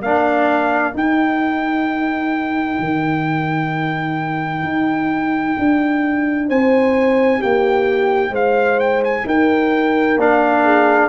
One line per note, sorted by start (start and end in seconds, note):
0.00 0.93 A#3
0.00 0.93 D4
0.00 6.46 A#4
0.00 0.94 F5
0.93 10.16 D#4
0.93 2.78 D#4
0.93 6.50 G5
2.79 4.63 D#3
4.63 5.56 D#4
5.58 6.50 D4
6.48 7.42 C4
6.48 7.38 C5
6.48 7.42 G#5
7.38 8.30 A#3
7.38 8.30 G4
7.38 8.34 G5
8.30 9.22 G#3
8.30 9.23 C5
8.30 8.79 F5
8.79 9.02 G5
9.04 9.27 G#5
9.25 10.17 D#4
9.25 10.63 A#4
9.25 10.20 G5
10.17 11.09 A#3
10.17 11.09 D4
10.17 11.09 F5
10.63 11.09 G#4